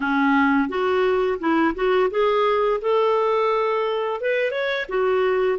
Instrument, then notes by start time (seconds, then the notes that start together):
clarinet
0.00 C#4
0.68 F#4
1.39 E4
1.74 F#4
2.10 G#4
2.81 A4
4.21 B4
4.51 C#5
4.88 F#4